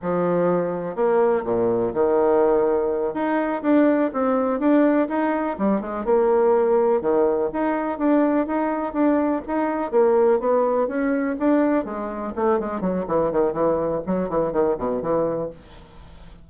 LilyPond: \new Staff \with { instrumentName = "bassoon" } { \time 4/4 \tempo 4 = 124 f2 ais4 ais,4 | dis2~ dis8 dis'4 d'8~ | d'8 c'4 d'4 dis'4 g8 | gis8 ais2 dis4 dis'8~ |
dis'8 d'4 dis'4 d'4 dis'8~ | dis'8 ais4 b4 cis'4 d'8~ | d'8 gis4 a8 gis8 fis8 e8 dis8 | e4 fis8 e8 dis8 b,8 e4 | }